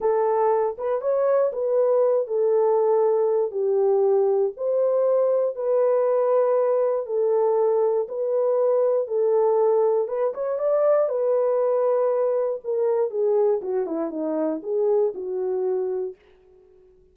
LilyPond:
\new Staff \with { instrumentName = "horn" } { \time 4/4 \tempo 4 = 119 a'4. b'8 cis''4 b'4~ | b'8 a'2~ a'8 g'4~ | g'4 c''2 b'4~ | b'2 a'2 |
b'2 a'2 | b'8 cis''8 d''4 b'2~ | b'4 ais'4 gis'4 fis'8 e'8 | dis'4 gis'4 fis'2 | }